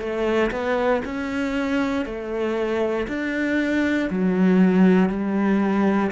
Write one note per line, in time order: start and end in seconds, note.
0.00 0.51 A3
0.51 1.02 B3
1.05 2.05 C#4
2.05 3.07 A3
3.08 4.10 D4
4.10 5.09 F#3
5.09 6.11 G3